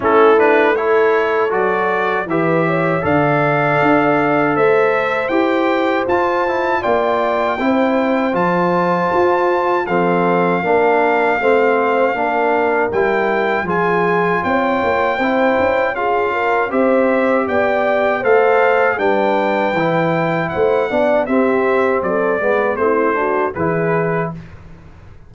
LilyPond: <<
  \new Staff \with { instrumentName = "trumpet" } { \time 4/4 \tempo 4 = 79 a'8 b'8 cis''4 d''4 e''4 | f''2 e''4 g''4 | a''4 g''2 a''4~ | a''4 f''2.~ |
f''4 g''4 gis''4 g''4~ | g''4 f''4 e''4 g''4 | f''4 g''2 fis''4 | e''4 d''4 c''4 b'4 | }
  \new Staff \with { instrumentName = "horn" } { \time 4/4 e'4 a'2 b'8 cis''8 | d''2 c''2~ | c''4 d''4 c''2~ | c''4 a'4 ais'4 c''4 |
ais'2 gis'4 cis''4 | c''4 gis'8 ais'8 c''4 d''4 | c''4 b'2 c''8 d''8 | g'4 a'8 b'8 e'8 fis'8 gis'4 | }
  \new Staff \with { instrumentName = "trombone" } { \time 4/4 cis'8 d'8 e'4 fis'4 g'4 | a'2. g'4 | f'8 e'8 f'4 e'4 f'4~ | f'4 c'4 d'4 c'4 |
d'4 e'4 f'2 | e'4 f'4 g'2 | a'4 d'4 e'4. d'8 | c'4. b8 c'8 d'8 e'4 | }
  \new Staff \with { instrumentName = "tuba" } { \time 4/4 a2 fis4 e4 | d4 d'4 a4 e'4 | f'4 ais4 c'4 f4 | f'4 f4 ais4 a4 |
ais4 g4 f4 c'8 ais8 | c'8 cis'4. c'4 b4 | a4 g4 e4 a8 b8 | c'4 fis8 gis8 a4 e4 | }
>>